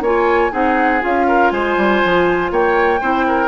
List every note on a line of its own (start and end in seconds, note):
0.00 0.50 A#3
0.00 0.51 F4
0.00 0.51 C#5
0.00 0.53 G#5
0.51 1.03 C4
0.51 1.00 D#4
0.51 1.26 G#4
0.51 1.02 F#5
1.00 1.51 C#4
1.00 2.98 F4
1.00 1.50 F5
1.27 1.52 A#4
1.50 1.76 G#3
1.50 2.51 C5
1.50 2.49 G#5
1.76 2.01 G3
2.04 2.51 F3
2.51 3.00 A#3
2.51 3.00 C#5
2.51 3.47 G5
3.00 3.47 C4
3.00 3.47 E4
3.00 3.25 C5
3.27 3.47 A#4